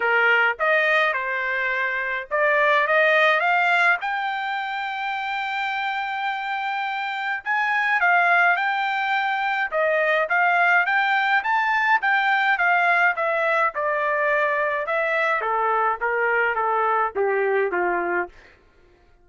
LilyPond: \new Staff \with { instrumentName = "trumpet" } { \time 4/4 \tempo 4 = 105 ais'4 dis''4 c''2 | d''4 dis''4 f''4 g''4~ | g''1~ | g''4 gis''4 f''4 g''4~ |
g''4 dis''4 f''4 g''4 | a''4 g''4 f''4 e''4 | d''2 e''4 a'4 | ais'4 a'4 g'4 f'4 | }